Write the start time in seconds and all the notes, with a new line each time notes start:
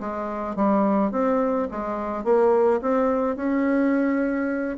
0.00 G#3
0.56 G3
1.11 C4
1.71 G#3
2.24 A#3
2.81 C4
3.36 C#4